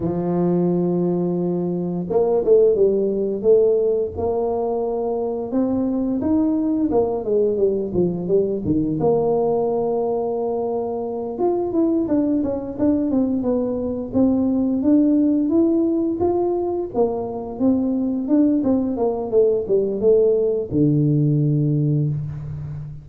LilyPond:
\new Staff \with { instrumentName = "tuba" } { \time 4/4 \tempo 4 = 87 f2. ais8 a8 | g4 a4 ais2 | c'4 dis'4 ais8 gis8 g8 f8 | g8 dis8 ais2.~ |
ais8 f'8 e'8 d'8 cis'8 d'8 c'8 b8~ | b8 c'4 d'4 e'4 f'8~ | f'8 ais4 c'4 d'8 c'8 ais8 | a8 g8 a4 d2 | }